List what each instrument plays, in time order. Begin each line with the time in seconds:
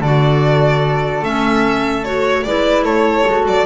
0.00 double bass D3, clarinet F#4, flute A4, violin D5
1.22 double bass A3, clarinet C#4, violin E5
2.04 clarinet F#4, violin C#5
2.43 double bass G#3, clarinet E4, flute B4, violin D5
2.83 double bass A3, flute A4, violin C#5
3.26 double bass G#3, clarinet F#4
3.46 double bass F#3, violin D5